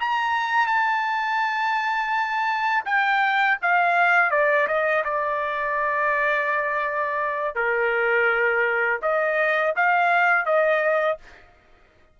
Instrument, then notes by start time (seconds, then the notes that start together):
trumpet
0.00 A#5
0.67 A5
2.85 G5
3.62 F5
4.31 D5
4.68 D#5
5.04 D5
7.55 A#4
9.02 D#5
9.76 F5
10.46 D#5